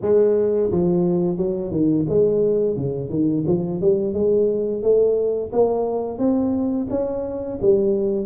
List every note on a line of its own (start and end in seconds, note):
0.01 0.70 G#3
0.71 1.37 F3
1.37 1.71 F#3
1.71 2.05 D#3
2.08 2.76 G#3
2.76 3.09 C#3
3.09 3.44 D#3
3.47 3.81 F3
3.81 4.13 G3
4.13 4.82 G#3
4.82 5.51 A3
5.52 6.18 A#3
6.18 6.87 C4
6.90 7.59 C#4
7.61 8.26 G3